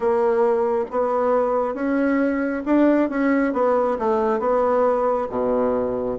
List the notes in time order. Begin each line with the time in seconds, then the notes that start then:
0.00 A#3
0.90 B3
1.74 C#4
2.65 D4
3.09 C#4
3.53 B3
3.98 A3
4.39 B3
5.29 B2